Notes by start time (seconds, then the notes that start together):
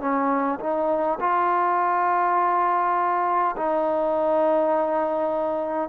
0.00 C#4
0.59 D#4
1.20 F4
3.56 D#4